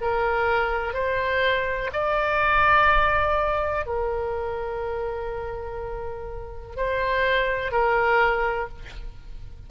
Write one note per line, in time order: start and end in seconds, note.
0.00 0.93 A#4
0.93 1.90 C5
1.92 3.85 D5
3.85 6.76 A#4
6.76 7.72 C5
7.72 8.68 A#4